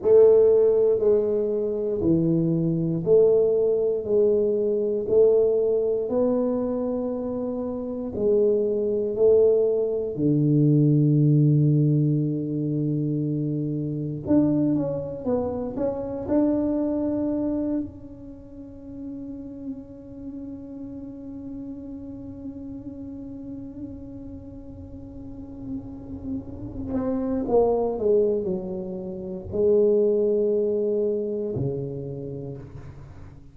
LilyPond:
\new Staff \with { instrumentName = "tuba" } { \time 4/4 \tempo 4 = 59 a4 gis4 e4 a4 | gis4 a4 b2 | gis4 a4 d2~ | d2 d'8 cis'8 b8 cis'8 |
d'4. cis'2~ cis'8~ | cis'1~ | cis'2~ cis'8 c'8 ais8 gis8 | fis4 gis2 cis4 | }